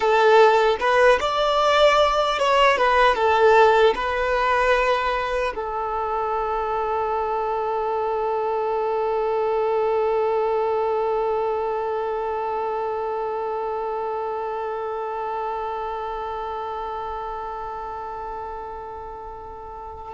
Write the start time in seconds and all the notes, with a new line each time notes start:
0.00 A4
0.79 B4
1.20 D5
2.38 C#5
2.77 B4
3.15 A4
3.95 B4
5.55 A4